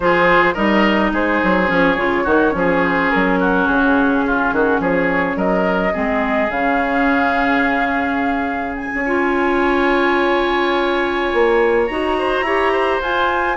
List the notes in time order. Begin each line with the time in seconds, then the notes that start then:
0.00 F3 F4 G#4 C5
0.54 G3 D#4 A#4 D#5
1.12 G#3 G#4 C5
1.43 F#3
1.67 F3 C#4 C#5
1.97 C#3 F4
2.24 D#3 D#4 F#4
2.51 F3 C#4
2.58 G#4
2.84 C5
3.10 F#3 A#4
3.39 F#4
3.66 C#3 G#4
4.26 F4
4.52 D#3 F#4
4.79 F3 G#4 C#5
5.35 F#3 A#4 D#5
5.92 G#3 C4 G#4
6.49 C#3 C#4 F5
8.76 G#5
8.94 C#4
9.05 F4 C#5
11.33 A#3
11.87 D#4 F#4 A#5
12.18 C5
12.41 E4 G4 C#5
12.72 C5
13.00 F4 G#5